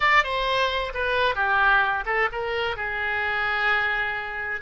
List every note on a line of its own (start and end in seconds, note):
0.00 0.23 D5
0.23 0.92 C5
0.94 1.35 B4
1.35 2.04 G4
2.05 2.28 A4
2.32 2.76 A#4
2.76 4.61 G#4